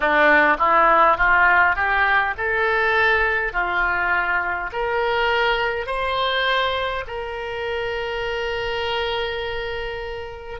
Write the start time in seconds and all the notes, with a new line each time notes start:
0.00 D4
0.58 E4
1.17 F4
1.75 G4
2.37 A4
3.52 F4
4.72 A#4
5.86 C5
7.06 A#4